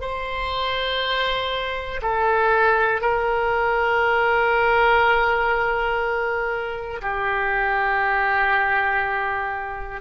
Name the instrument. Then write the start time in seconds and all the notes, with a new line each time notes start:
oboe
0.00 C5
2.01 A4
3.01 A#4
7.01 G4